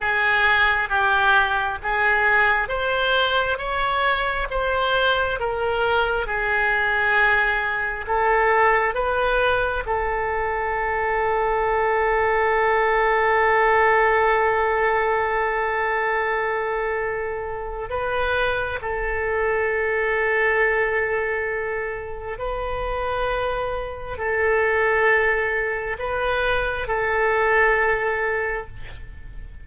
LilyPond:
\new Staff \with { instrumentName = "oboe" } { \time 4/4 \tempo 4 = 67 gis'4 g'4 gis'4 c''4 | cis''4 c''4 ais'4 gis'4~ | gis'4 a'4 b'4 a'4~ | a'1~ |
a'1 | b'4 a'2.~ | a'4 b'2 a'4~ | a'4 b'4 a'2 | }